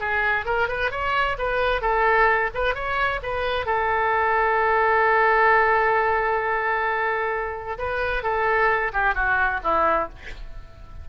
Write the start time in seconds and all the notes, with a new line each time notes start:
0.00 G#4
0.46 A#4
0.68 B4
0.91 C#5
1.39 B4
1.82 A4
2.55 B4
2.75 C#5
3.23 B4
3.66 A4
7.79 B4
8.23 A4
8.93 G4
9.15 F#4
9.64 E4